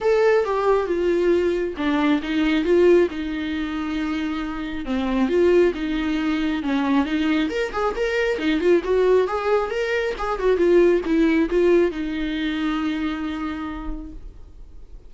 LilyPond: \new Staff \with { instrumentName = "viola" } { \time 4/4 \tempo 4 = 136 a'4 g'4 f'2 | d'4 dis'4 f'4 dis'4~ | dis'2. c'4 | f'4 dis'2 cis'4 |
dis'4 ais'8 gis'8 ais'4 dis'8 f'8 | fis'4 gis'4 ais'4 gis'8 fis'8 | f'4 e'4 f'4 dis'4~ | dis'1 | }